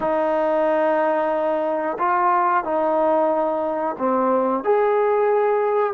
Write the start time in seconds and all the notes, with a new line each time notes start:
0.00 D#4
1.98 F4
2.64 D#4
3.98 C4
4.63 G#4